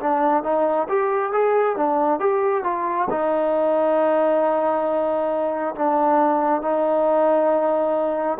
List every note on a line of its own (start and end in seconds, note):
0.00 0.43 D4
0.43 0.87 D#4
0.89 1.32 G4
1.32 1.76 G#4
1.76 2.20 D4
2.20 2.64 G4
2.64 3.08 F4
3.10 5.75 D#4
5.75 6.62 D4
6.62 8.38 D#4